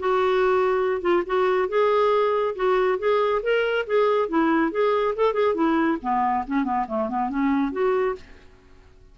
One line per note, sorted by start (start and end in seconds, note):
0.00 1.02 F#4
1.02 1.24 F4
1.27 1.69 F#4
1.69 2.55 G#4
2.56 2.99 F#4
2.99 3.42 G#4
3.43 3.86 A#4
3.87 4.29 G#4
4.29 4.72 E4
4.72 5.15 G#4
5.16 5.34 A4
5.34 5.55 G#4
5.55 5.98 E4
6.02 6.46 B3
6.48 6.65 C#4
6.65 6.86 B3
6.88 7.09 A3
7.09 7.30 B3
7.30 7.73 C#4
7.73 8.16 F#4